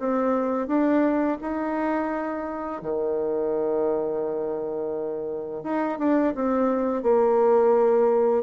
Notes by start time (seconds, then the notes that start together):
0.00 C4
0.68 D4
1.42 D#4
2.82 D#3
5.64 D#4
5.99 D4
6.35 C4
7.03 A#3